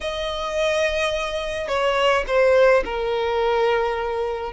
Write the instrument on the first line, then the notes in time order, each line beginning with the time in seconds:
violin
0.01 D#5
1.67 C#5
2.27 C5
2.85 A#4